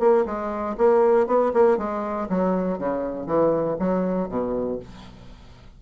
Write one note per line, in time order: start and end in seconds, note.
0.00 0.25 A#3
0.26 0.76 G#3
0.78 1.27 A#3
1.27 1.53 B3
1.54 1.78 A#3
1.78 2.28 G#3
2.30 2.79 F#3
2.79 3.27 C#3
3.27 3.77 E3
3.80 4.29 F#3
4.29 4.80 B2